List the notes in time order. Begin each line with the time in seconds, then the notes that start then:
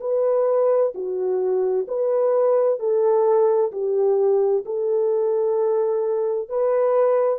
0.00 B4
0.94 F#4
1.88 B4
2.79 A4
3.71 G4
4.65 A4
6.49 B4